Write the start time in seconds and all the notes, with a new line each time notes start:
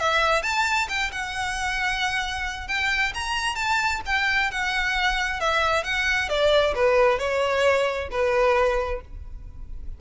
0.00 E5
0.43 A5
0.89 G5
1.12 F#5
2.68 G5
3.15 A#5
3.56 A5
4.06 G5
4.52 F#5
5.41 E5
5.84 F#5
6.29 D5
6.75 B4
7.19 C#5
8.11 B4